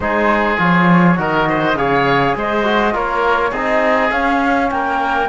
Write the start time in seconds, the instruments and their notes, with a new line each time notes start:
0.00 cello G#3, trombone D#4, oboe G#4, flute C5
0.58 cello F3, trombone F4, flute C#5
1.16 cello D#3, trombone F#4, oboe A#4, flute D#5
1.48 oboe C5
1.75 cello C#3, trombone G#4, oboe C#5, flute F5
2.35 cello G#3, oboe C5, flute D#5
2.63 trombone F#4
2.92 cello A#3, trombone F4, oboe A#4, flute C#5
3.50 cello C4, trombone D#4, oboe G#4, flute D#5
4.10 trombone C#4, cello C#4, flute F5
4.70 cello A#3, oboe A#4, flute G5